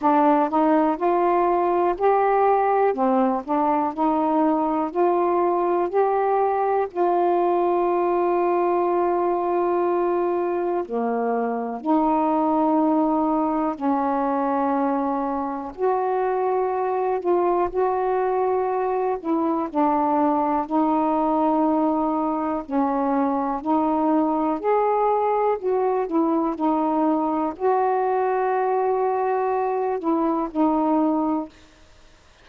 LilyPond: \new Staff \with { instrumentName = "saxophone" } { \time 4/4 \tempo 4 = 61 d'8 dis'8 f'4 g'4 c'8 d'8 | dis'4 f'4 g'4 f'4~ | f'2. ais4 | dis'2 cis'2 |
fis'4. f'8 fis'4. e'8 | d'4 dis'2 cis'4 | dis'4 gis'4 fis'8 e'8 dis'4 | fis'2~ fis'8 e'8 dis'4 | }